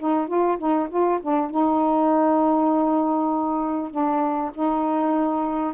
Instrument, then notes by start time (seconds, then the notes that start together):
saxophone
0.00 D#4
0.28 F4
0.59 D#4
0.90 F4
1.22 D4
1.51 D#4
3.91 D4
4.55 D#4